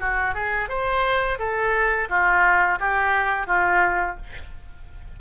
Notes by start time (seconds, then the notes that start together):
0.00 F#4
0.34 G#4
0.68 C5
1.39 A4
2.09 F4
2.79 G4
3.47 F4